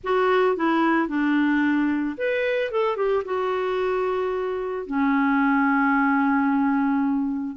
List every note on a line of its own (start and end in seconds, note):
0.03 0.56 F#4
0.56 1.07 E4
1.07 2.15 D4
2.17 2.71 B4
2.71 2.96 A4
2.96 3.23 G4
3.24 4.86 F#4
4.86 7.56 C#4